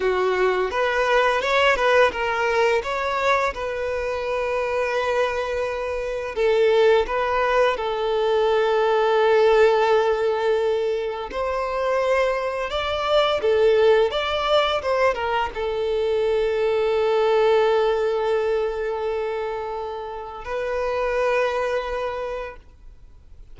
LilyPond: \new Staff \with { instrumentName = "violin" } { \time 4/4 \tempo 4 = 85 fis'4 b'4 cis''8 b'8 ais'4 | cis''4 b'2.~ | b'4 a'4 b'4 a'4~ | a'1 |
c''2 d''4 a'4 | d''4 c''8 ais'8 a'2~ | a'1~ | a'4 b'2. | }